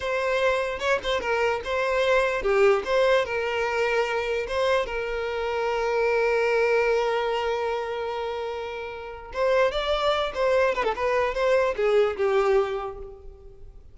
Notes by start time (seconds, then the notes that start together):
0.00 C5
0.79 C#5
1.03 C5
1.20 A#4
1.64 C5
2.42 G4
2.84 C5
3.25 A#4
4.47 C5
4.86 A#4
9.33 C5
9.71 D5
10.34 C5
10.74 B4
10.84 A4
10.95 B4
11.34 C5
11.75 G#4
12.17 G4